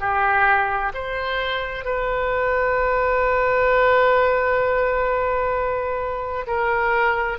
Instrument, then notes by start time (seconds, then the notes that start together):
oboe
0.00 G4
0.94 C5
1.85 B4
6.47 A#4